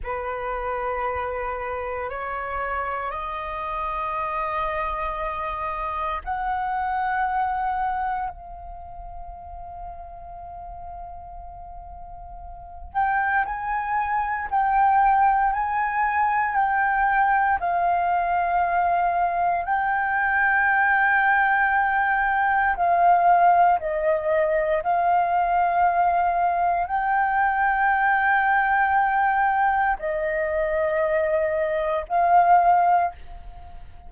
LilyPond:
\new Staff \with { instrumentName = "flute" } { \time 4/4 \tempo 4 = 58 b'2 cis''4 dis''4~ | dis''2 fis''2 | f''1~ | f''8 g''8 gis''4 g''4 gis''4 |
g''4 f''2 g''4~ | g''2 f''4 dis''4 | f''2 g''2~ | g''4 dis''2 f''4 | }